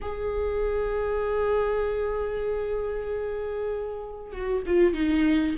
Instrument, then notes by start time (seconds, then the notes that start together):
viola
0.01 G#4
4.32 F#4
4.66 F4
4.93 D#4